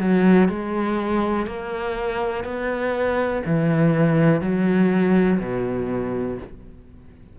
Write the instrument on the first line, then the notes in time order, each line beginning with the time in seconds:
cello
0.00 F#3
0.49 G#3
1.47 A#3
2.45 B3
3.46 E3
4.41 F#3
5.40 B2